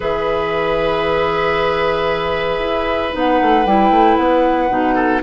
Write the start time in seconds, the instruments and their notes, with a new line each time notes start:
0.00 bassoon E3, clarinet G#4, oboe B4, flute E5
2.59 bassoon E4
3.12 bassoon B3, clarinet D#4, flute F#5
3.41 bassoon A3
3.65 bassoon G3, clarinet E4, flute G5
3.90 bassoon A3
4.16 bassoon B3, flute F#5
4.69 bassoon B2, clarinet D#4
4.94 oboe A4